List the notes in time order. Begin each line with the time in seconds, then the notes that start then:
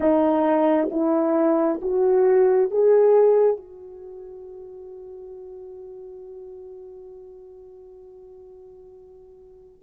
0.00 D#4
0.90 E4
1.82 F#4
2.70 G#4
3.56 F#4